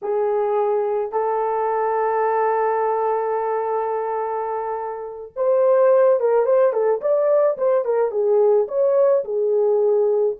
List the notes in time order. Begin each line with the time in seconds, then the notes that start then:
0.02 G#4
1.11 A4
5.36 C5
6.20 A#4
6.45 C5
6.72 A4
7.01 D5
7.57 C5
7.85 A#4
8.11 G#4
8.68 C#5
9.24 G#4